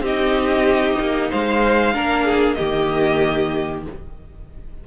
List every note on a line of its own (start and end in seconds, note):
0.00 0.95 C4
0.00 1.94 D#4
0.00 1.29 G4
0.00 1.31 D#5
0.99 1.31 A#3
1.30 1.95 G#3
1.30 1.93 C5
1.30 2.54 F5
1.94 2.58 A#3
1.94 2.57 D4
1.94 2.25 A#4
2.25 2.56 G#4
2.54 3.85 A#3
2.54 3.84 G4
2.54 3.80 D#5
2.60 3.87 D#3